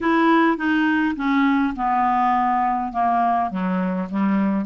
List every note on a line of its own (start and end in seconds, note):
0.01 0.57 E4
0.57 1.15 D#4
1.15 1.74 C#4
1.76 2.92 B3
2.92 3.50 A#3
3.50 4.08 F#3
4.10 4.65 G3